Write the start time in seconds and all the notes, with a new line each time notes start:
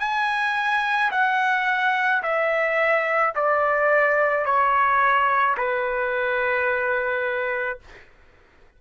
0.00 G#5
1.12 F#5
2.23 E5
3.35 D5
4.45 C#5
5.58 B4